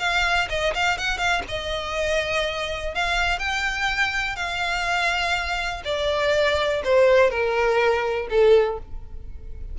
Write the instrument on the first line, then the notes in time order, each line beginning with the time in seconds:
violin
0.00 F5
0.50 D#5
0.74 F5
0.98 F#5
1.18 F5
1.49 D#5
2.95 F5
3.39 G5
4.36 F5
5.85 D5
6.85 C5
7.31 A#4
8.30 A4